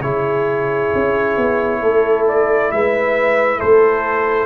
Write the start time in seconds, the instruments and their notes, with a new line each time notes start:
0.00 tuba C#3, trombone E4, horn G#4, trumpet C#5
0.95 tuba C#4
1.37 tuba B3
1.81 tuba A3, horn A4
2.28 trumpet D5
2.71 tuba G#3, horn B4, trumpet E5
3.58 tuba A3, horn A4, trumpet C5